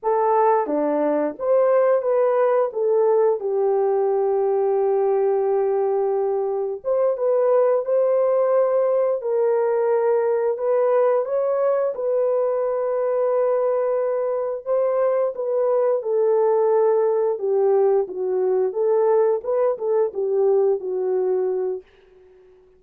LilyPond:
\new Staff \with { instrumentName = "horn" } { \time 4/4 \tempo 4 = 88 a'4 d'4 c''4 b'4 | a'4 g'2.~ | g'2 c''8 b'4 c''8~ | c''4. ais'2 b'8~ |
b'8 cis''4 b'2~ b'8~ | b'4. c''4 b'4 a'8~ | a'4. g'4 fis'4 a'8~ | a'8 b'8 a'8 g'4 fis'4. | }